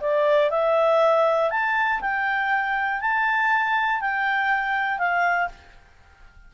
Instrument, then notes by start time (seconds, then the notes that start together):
clarinet
0.00 D5
0.50 E5
1.50 A5
2.00 G5
3.00 A5
4.00 G5
4.98 F5